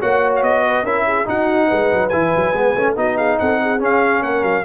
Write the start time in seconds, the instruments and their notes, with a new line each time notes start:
0.00 tuba A#3, trombone F#4, horn C#5, trumpet F#5
0.36 trumpet F5
0.42 tuba B3, trumpet D#5
0.66 horn B4
0.83 tuba C#4, trombone E4, horn A#4, trumpet E5
1.06 horn G#4
1.25 trombone D#4, tuba D#4, horn F#4, trumpet F#5
1.67 tuba G#3, horn B4
1.92 tuba F#3
2.09 tuba E3, trombone E4, trumpet G#5
2.36 tuba F#3
2.53 tuba G#3, trombone B3
2.75 tuba A3, trombone C#4
2.96 tuba B3, trombone D#4, horn F#4, trumpet D#5
3.16 horn G#4, trumpet F5
3.39 tuba C4, horn A4, trumpet F#5
3.62 horn G#4
3.79 trombone C#4, tuba C#4, trumpet F5
4.22 tuba A#3, horn A#4, trumpet F#5
4.42 tuba F#3, trumpet F5